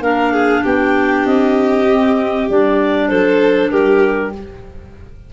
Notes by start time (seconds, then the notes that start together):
0.00 A#3 D4 A#4 F5
0.32 G#4
0.63 B3 G4 G5
1.25 C4 D#5
1.86 C4
2.49 G3 D4 D5
3.08 F#3 A4 C5
3.70 G3 G4 A#4